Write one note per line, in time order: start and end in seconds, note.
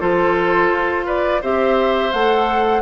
0.00 0.69 F3
0.00 1.41 F4
0.00 1.06 A4
0.00 1.07 C5
0.69 1.40 F4
1.06 1.41 B4
1.06 1.42 D5
1.42 2.13 C4
1.42 2.13 G4
1.42 2.82 C5
1.42 2.13 E5
2.13 2.82 A3
2.13 2.82 A4
2.13 2.82 F#5